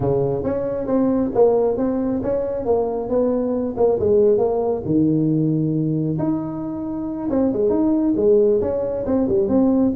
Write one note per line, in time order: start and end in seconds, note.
0.00 0.43 C#3
0.43 0.87 C#4
0.87 1.31 C4
1.34 1.77 A#3
1.77 2.21 C4
2.22 2.65 C#4
2.65 3.09 A#3
3.09 3.75 B3
3.77 3.99 A#3
3.99 4.38 G#3
4.38 4.82 A#3
4.85 6.17 D#3
6.18 7.29 D#4
7.30 7.52 C4
7.52 7.69 G#3
7.69 8.13 D#4
8.16 8.60 G#3
8.61 9.05 C#4
9.06 9.28 C4
9.28 9.48 G3
9.48 9.92 C4